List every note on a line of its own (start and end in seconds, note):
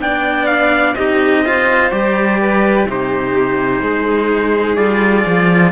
0.00 0.95 B3
0.00 0.95 D4
0.00 0.98 D5
0.00 0.46 G5
0.46 0.94 F5
0.95 1.90 C4
0.95 1.45 D#4
0.95 1.45 G4
0.95 1.90 D#5
1.45 1.92 F4
1.45 2.40 C5
1.91 2.86 G3
1.91 2.87 G4
1.91 2.86 D5
2.40 2.88 B4
2.86 3.81 C3
2.86 4.78 D#4
2.86 3.83 G4
2.86 4.76 C5
3.82 4.77 G#3
3.82 5.72 G#4
4.76 5.25 G3
4.76 5.72 F4
4.76 5.71 D5
5.26 5.72 F3